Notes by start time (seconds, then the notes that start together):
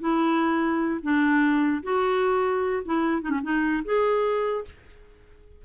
0.00 E4
1.02 D4
1.83 F#4
2.85 E4
3.22 D#4
3.30 C#4
3.43 D#4
3.84 G#4